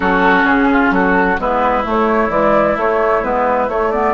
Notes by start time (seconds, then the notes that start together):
0.00 F#3 C#4 F#4 A4
0.44 C#3 G#4
0.71 F4
0.90 F#3 F#4 A4
1.38 G#3 B3 E4 B4
1.83 A3
1.89 C#5
2.28 E3 G#3 D5
2.76 A3 C#5
3.22 G#3 B3 B4
3.68 A3 C#5
3.91 B3 D5